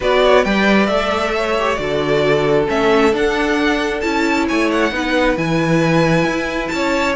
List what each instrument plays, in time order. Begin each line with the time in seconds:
0.00 cello B3, viola F#4, violin B4 D5
0.24 violin C#5
0.44 cello G3, viola B4, violin D5 G5
0.86 cello A3, viola A4, violin E5
1.36 violin C#5
1.59 viola G4
1.75 cello D3, viola F#4, violin D5
1.81 violin A4
2.67 cello A3, viola C#4, violin E5
3.12 viola D4, cello D4, violin F#5
4.00 cello C#4, viola E4, violin A5
4.47 cello A3, violin C#5 G#5
4.71 violin F#5
4.91 cello B3, viola D#4, violin B4
5.36 cello E3, viola E4, violin G#5
6.24 cello E4
6.68 cello C#4, violin A5
6.74 violin C#5